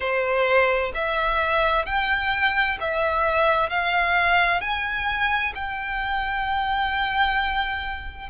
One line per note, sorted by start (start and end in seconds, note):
0.00 0.92 C5
0.94 1.85 E5
1.85 2.77 G5
2.80 3.69 E5
3.69 4.60 F5
4.60 5.53 G#5
5.54 8.29 G5